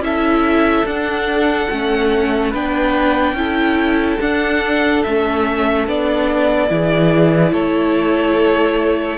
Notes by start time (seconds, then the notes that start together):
0.00 C#4 E4 A4 E5
0.85 D4 F#5
1.71 A3 C#4
2.50 B3 D4 B4 G5
3.33 C#4 E4 A4
4.21 D4 F#5
5.03 A3 C#4 E5
5.87 B3 D4 D5
6.69 E3 E4 G#4
7.52 A3 A4 C#5